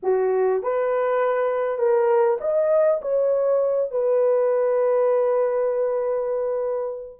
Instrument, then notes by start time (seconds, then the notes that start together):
horn
0.02 F#4
0.62 B4
1.78 A#4
2.40 D#5
3.01 C#5
3.91 B4